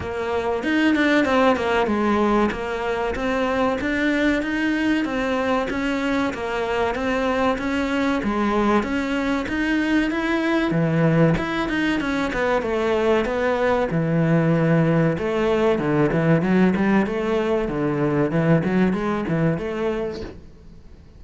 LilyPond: \new Staff \with { instrumentName = "cello" } { \time 4/4 \tempo 4 = 95 ais4 dis'8 d'8 c'8 ais8 gis4 | ais4 c'4 d'4 dis'4 | c'4 cis'4 ais4 c'4 | cis'4 gis4 cis'4 dis'4 |
e'4 e4 e'8 dis'8 cis'8 b8 | a4 b4 e2 | a4 d8 e8 fis8 g8 a4 | d4 e8 fis8 gis8 e8 a4 | }